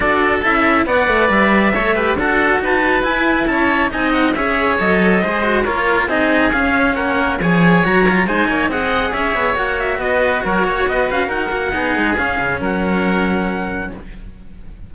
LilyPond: <<
  \new Staff \with { instrumentName = "trumpet" } { \time 4/4 \tempo 4 = 138 d''4 e''4 fis''4 e''4~ | e''4 fis''4 a''4 gis''4 | a''4 gis''8 fis''8 e''4 dis''4~ | dis''4 cis''4 dis''4 f''4 |
fis''4 gis''4 ais''4 gis''4 | fis''4 e''4 fis''8 e''8 dis''4 | cis''4 dis''8 f''8 fis''2 | f''4 fis''2. | }
  \new Staff \with { instrumentName = "oboe" } { \time 4/4 a'2 d''2 | cis''8 b'8 a'4 b'2 | cis''4 dis''4 cis''2 | c''4 ais'4 gis'2 |
ais'4 cis''2 c''8 cis''8 | dis''4 cis''2 b'4 | ais'8 cis''8 b'4 ais'4 gis'4~ | gis'4 ais'2. | }
  \new Staff \with { instrumentName = "cello" } { \time 4/4 fis'4 e'4 b'2 | a'8 g'8 fis'2 e'4~ | e'4 dis'4 gis'4 a'4 | gis'8 fis'8 f'4 dis'4 cis'4~ |
cis'4 gis'4 fis'8 f'8 dis'4 | gis'2 fis'2~ | fis'2. dis'4 | cis'1 | }
  \new Staff \with { instrumentName = "cello" } { \time 4/4 d'4 cis'4 b8 a8 g4 | a4 d'4 dis'4 e'4 | cis'4 c'4 cis'4 fis4 | gis4 ais4 c'4 cis'4 |
ais4 f4 fis4 gis8 ais8 | c'4 cis'8 b8 ais4 b4 | fis8 ais8 b8 cis'8 dis'8 ais8 b8 gis8 | cis'8 cis8 fis2. | }
>>